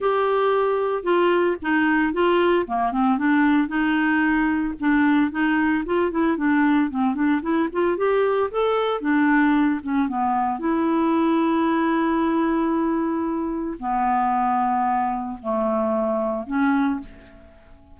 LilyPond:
\new Staff \with { instrumentName = "clarinet" } { \time 4/4 \tempo 4 = 113 g'2 f'4 dis'4 | f'4 ais8 c'8 d'4 dis'4~ | dis'4 d'4 dis'4 f'8 e'8 | d'4 c'8 d'8 e'8 f'8 g'4 |
a'4 d'4. cis'8 b4 | e'1~ | e'2 b2~ | b4 a2 cis'4 | }